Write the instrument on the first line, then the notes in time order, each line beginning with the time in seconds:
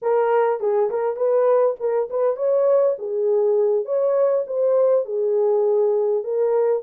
horn
0.01 A#4
0.60 G#4
0.90 A#4
1.16 B4
1.79 A#4
2.10 B4
2.36 C#5
2.98 G#4
3.85 C#5
4.46 C5
5.05 G#4
6.23 A#4